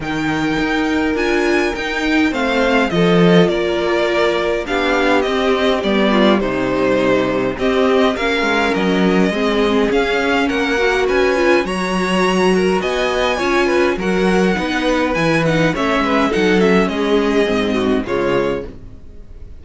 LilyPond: <<
  \new Staff \with { instrumentName = "violin" } { \time 4/4 \tempo 4 = 103 g''2 gis''4 g''4 | f''4 dis''4 d''2 | f''4 dis''4 d''4 c''4~ | c''4 dis''4 f''4 dis''4~ |
dis''4 f''4 fis''4 gis''4 | ais''2 gis''2 | fis''2 gis''8 fis''8 e''4 | fis''8 e''8 dis''2 cis''4 | }
  \new Staff \with { instrumentName = "violin" } { \time 4/4 ais'1 | c''4 a'4 ais'2 | g'2~ g'8 f'8 dis'4~ | dis'4 g'4 ais'2 |
gis'2 ais'4 b'4 | cis''4. ais'8 dis''4 cis''8 b'8 | ais'4 b'2 cis''8 b'8 | a'4 gis'4. fis'8 f'4 | }
  \new Staff \with { instrumentName = "viola" } { \time 4/4 dis'2 f'4 dis'4 | c'4 f'2. | d'4 c'4 b4 g4~ | g4 c'4 cis'2 |
c'4 cis'4. fis'4 f'8 | fis'2. f'4 | fis'4 dis'4 e'8 dis'8 cis'4 | dis'8 cis'4. c'4 gis4 | }
  \new Staff \with { instrumentName = "cello" } { \time 4/4 dis4 dis'4 d'4 dis'4 | a4 f4 ais2 | b4 c'4 g4 c4~ | c4 c'4 ais8 gis8 fis4 |
gis4 cis'4 ais4 cis'4 | fis2 b4 cis'4 | fis4 b4 e4 a8 gis8 | fis4 gis4 gis,4 cis4 | }
>>